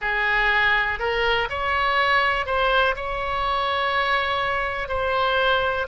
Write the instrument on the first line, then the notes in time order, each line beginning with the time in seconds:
oboe
0.01 G#4
0.99 A#4
1.49 C#5
2.45 C5
2.95 C#5
4.88 C5